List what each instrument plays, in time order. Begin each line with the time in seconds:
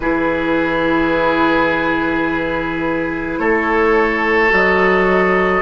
0.00 bassoon E3, clarinet E4, oboe G#4, flute B4
3.38 bassoon A3, oboe A4, flute C#5
4.49 bassoon F#3, clarinet F#4, flute D#5